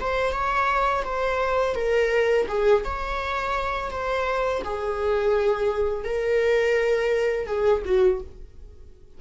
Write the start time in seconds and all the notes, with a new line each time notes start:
0.00 C5
0.32 C#5
1.05 C5
1.75 A#4
2.48 G#4
2.84 C#5
3.91 C5
4.64 G#4
6.05 A#4
7.47 G#4
7.85 F#4